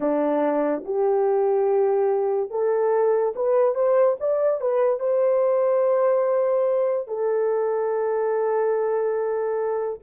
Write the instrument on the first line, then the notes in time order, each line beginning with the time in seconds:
horn
0.00 D4
0.84 G4
2.50 A4
3.35 B4
3.75 C5
4.20 D5
4.60 B4
4.99 C5
7.07 A4